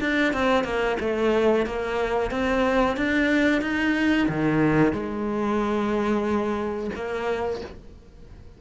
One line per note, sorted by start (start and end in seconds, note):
0.00 0.33 D4
0.33 0.64 C4
0.64 0.97 A#3
1.00 1.65 A3
1.65 2.30 A#3
2.30 2.96 C4
2.96 3.61 D4
3.61 4.27 D#4
4.28 4.92 D#3
4.92 6.90 G#3
6.95 7.61 A#3